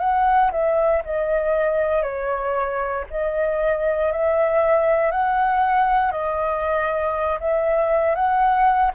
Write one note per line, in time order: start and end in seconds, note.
0.00 0.51 F#5
0.52 1.03 E5
1.05 2.03 D#5
2.03 3.05 C#5
3.11 4.12 D#5
4.12 5.11 E5
5.11 6.12 F#5
6.12 7.39 D#5
7.40 8.15 E5
8.15 8.92 F#5